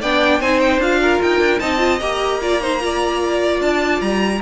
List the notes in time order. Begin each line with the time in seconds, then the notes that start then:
0.00 B3 D4 D5 G5
0.39 C4 D#4 C5 G#5
0.59 G5
0.78 D4 F4 F5
1.01 A#4
1.22 D#4 G5
1.39 D4
1.59 C4 D#4 D#5 A5
1.77 F4
1.99 A#3 G4 A#5
2.41 F4 D5
2.60 D#4 C5
2.79 F4 D5
3.60 D4 A5
4.00 G3 A#5